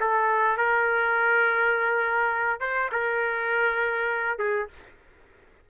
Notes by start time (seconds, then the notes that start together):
0.00 A4
0.57 A#4
2.60 C5
2.91 A#4
4.39 G#4